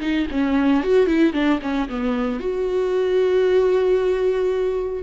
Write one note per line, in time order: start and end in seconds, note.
0.00 0.27 D#4
0.31 0.83 C#4
0.83 1.06 F#4
1.06 1.33 E4
1.33 1.60 D4
1.62 1.88 C#4
1.89 2.40 B3
2.40 5.03 F#4